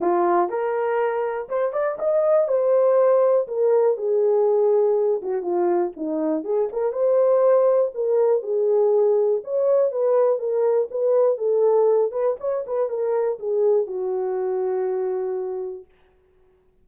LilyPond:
\new Staff \with { instrumentName = "horn" } { \time 4/4 \tempo 4 = 121 f'4 ais'2 c''8 d''8 | dis''4 c''2 ais'4 | gis'2~ gis'8 fis'8 f'4 | dis'4 gis'8 ais'8 c''2 |
ais'4 gis'2 cis''4 | b'4 ais'4 b'4 a'4~ | a'8 b'8 cis''8 b'8 ais'4 gis'4 | fis'1 | }